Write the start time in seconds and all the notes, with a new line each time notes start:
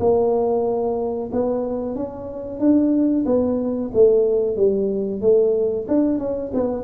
0.00 A#3
1.33 B3
1.96 C#4
2.60 D4
3.26 B3
3.94 A3
4.57 G3
5.22 A3
5.88 D4
6.19 C#4
6.55 B3